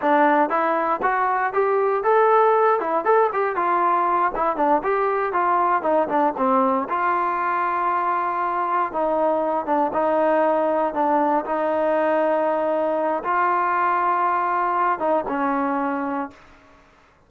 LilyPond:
\new Staff \with { instrumentName = "trombone" } { \time 4/4 \tempo 4 = 118 d'4 e'4 fis'4 g'4 | a'4. e'8 a'8 g'8 f'4~ | f'8 e'8 d'8 g'4 f'4 dis'8 | d'8 c'4 f'2~ f'8~ |
f'4. dis'4. d'8 dis'8~ | dis'4. d'4 dis'4.~ | dis'2 f'2~ | f'4. dis'8 cis'2 | }